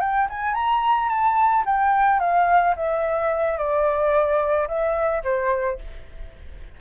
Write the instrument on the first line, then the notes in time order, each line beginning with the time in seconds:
flute
0.00 G5
0.30 G#5
0.54 A#5
1.09 A5
1.66 G5
2.20 F5
2.76 E5
3.58 D5
4.68 E5
5.24 C5